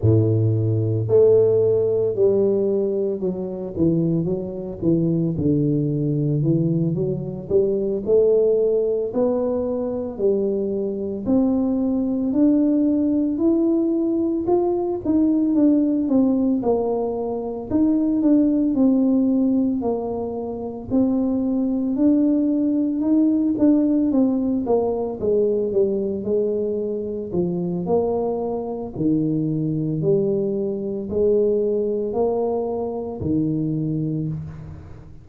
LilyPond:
\new Staff \with { instrumentName = "tuba" } { \time 4/4 \tempo 4 = 56 a,4 a4 g4 fis8 e8 | fis8 e8 d4 e8 fis8 g8 a8~ | a8 b4 g4 c'4 d'8~ | d'8 e'4 f'8 dis'8 d'8 c'8 ais8~ |
ais8 dis'8 d'8 c'4 ais4 c'8~ | c'8 d'4 dis'8 d'8 c'8 ais8 gis8 | g8 gis4 f8 ais4 dis4 | g4 gis4 ais4 dis4 | }